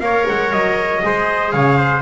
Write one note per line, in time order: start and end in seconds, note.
0.00 0.25 A#3
0.00 1.02 A#4
0.00 1.04 C#5
0.00 0.26 F5
0.29 0.52 G#3
0.29 0.53 F#5
0.52 1.03 F#3
0.52 1.52 D#5
1.02 1.53 G#3
1.02 2.02 G#4
1.02 1.53 C5
1.52 2.02 C#3
1.52 1.78 C#5
1.52 2.02 F5
1.78 2.02 C5